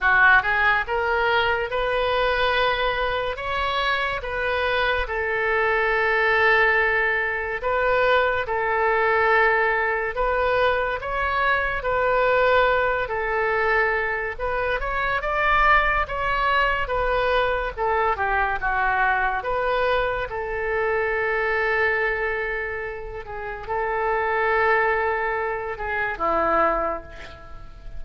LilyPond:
\new Staff \with { instrumentName = "oboe" } { \time 4/4 \tempo 4 = 71 fis'8 gis'8 ais'4 b'2 | cis''4 b'4 a'2~ | a'4 b'4 a'2 | b'4 cis''4 b'4. a'8~ |
a'4 b'8 cis''8 d''4 cis''4 | b'4 a'8 g'8 fis'4 b'4 | a'2.~ a'8 gis'8 | a'2~ a'8 gis'8 e'4 | }